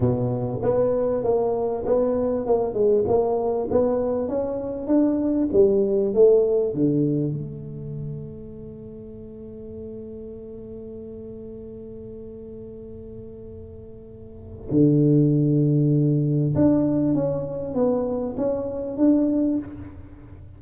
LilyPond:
\new Staff \with { instrumentName = "tuba" } { \time 4/4 \tempo 4 = 98 b,4 b4 ais4 b4 | ais8 gis8 ais4 b4 cis'4 | d'4 g4 a4 d4 | a1~ |
a1~ | a1 | d2. d'4 | cis'4 b4 cis'4 d'4 | }